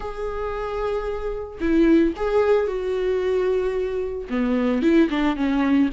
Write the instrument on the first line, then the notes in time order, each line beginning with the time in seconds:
viola
0.00 G#4
1.60 E4
2.16 G#4
2.67 F#4
4.29 B3
4.82 E4
5.09 D4
5.36 C#4